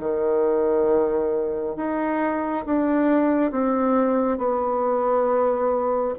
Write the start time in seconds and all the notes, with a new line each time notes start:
0.00 D#3
1.77 D#4
2.66 D4
3.52 C4
4.38 B3